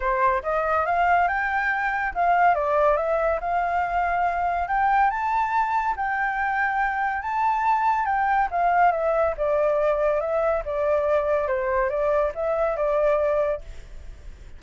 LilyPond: \new Staff \with { instrumentName = "flute" } { \time 4/4 \tempo 4 = 141 c''4 dis''4 f''4 g''4~ | g''4 f''4 d''4 e''4 | f''2. g''4 | a''2 g''2~ |
g''4 a''2 g''4 | f''4 e''4 d''2 | e''4 d''2 c''4 | d''4 e''4 d''2 | }